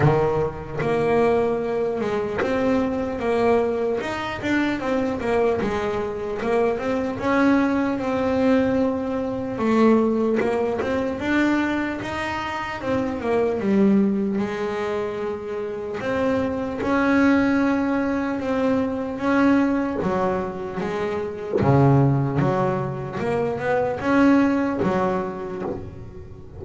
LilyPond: \new Staff \with { instrumentName = "double bass" } { \time 4/4 \tempo 4 = 75 dis4 ais4. gis8 c'4 | ais4 dis'8 d'8 c'8 ais8 gis4 | ais8 c'8 cis'4 c'2 | a4 ais8 c'8 d'4 dis'4 |
c'8 ais8 g4 gis2 | c'4 cis'2 c'4 | cis'4 fis4 gis4 cis4 | fis4 ais8 b8 cis'4 fis4 | }